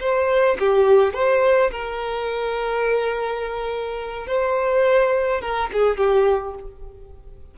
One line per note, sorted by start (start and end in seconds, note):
0.00 0.57 C5
0.59 1.14 G4
1.14 1.71 C5
1.71 4.27 A#4
4.27 5.41 C5
5.41 5.70 A#4
5.73 5.97 G#4
5.97 6.55 G4